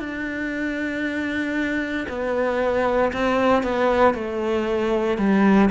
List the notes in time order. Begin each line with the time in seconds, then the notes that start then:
0.00 D4
2.09 B3
3.13 C4
3.63 B3
4.15 A3
5.18 G3